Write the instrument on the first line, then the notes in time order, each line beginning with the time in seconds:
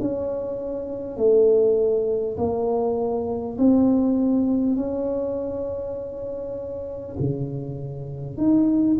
tuba
0.00 C#4
1.17 A3
2.37 A#3
3.58 C4
4.76 C#4
7.19 C#3
8.37 D#4